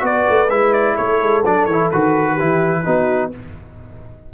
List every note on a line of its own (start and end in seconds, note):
0.00 0.26 B3
0.00 0.47 F#4
0.00 0.95 B4
0.00 0.50 D5
0.30 0.50 A3
0.50 0.97 G#3
0.50 1.44 E4
0.50 0.73 E5
0.73 0.97 D5
0.95 1.21 A3
0.95 2.33 A4
0.95 1.44 C#5
1.21 1.45 G#3
1.45 1.67 F#3
1.45 1.69 D4
1.45 1.66 D5
1.66 1.90 E3
1.66 1.89 C#5
1.72 1.93 E4
1.91 2.41 D#3
1.91 2.39 F#4
1.91 3.32 B4
2.33 2.85 E4
2.33 2.80 G4
2.41 2.87 E3
2.84 3.34 B3
2.84 3.32 D#4
2.84 3.31 F#4